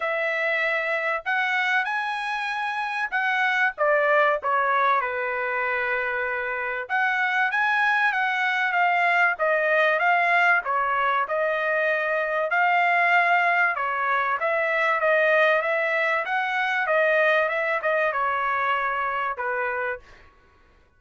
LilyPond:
\new Staff \with { instrumentName = "trumpet" } { \time 4/4 \tempo 4 = 96 e''2 fis''4 gis''4~ | gis''4 fis''4 d''4 cis''4 | b'2. fis''4 | gis''4 fis''4 f''4 dis''4 |
f''4 cis''4 dis''2 | f''2 cis''4 e''4 | dis''4 e''4 fis''4 dis''4 | e''8 dis''8 cis''2 b'4 | }